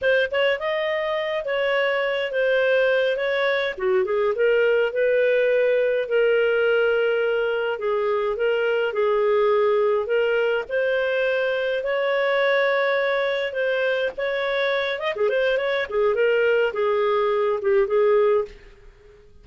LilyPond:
\new Staff \with { instrumentName = "clarinet" } { \time 4/4 \tempo 4 = 104 c''8 cis''8 dis''4. cis''4. | c''4. cis''4 fis'8 gis'8 ais'8~ | ais'8 b'2 ais'4.~ | ais'4. gis'4 ais'4 gis'8~ |
gis'4. ais'4 c''4.~ | c''8 cis''2. c''8~ | c''8 cis''4. dis''16 gis'16 c''8 cis''8 gis'8 | ais'4 gis'4. g'8 gis'4 | }